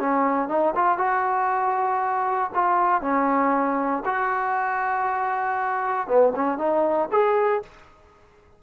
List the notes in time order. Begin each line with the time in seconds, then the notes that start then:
0.00 C#4
0.49 D#4
0.76 F4
0.99 F#4
2.55 F4
3.02 C#4
4.06 F#4
6.08 B3
6.36 C#4
6.58 D#4
7.12 G#4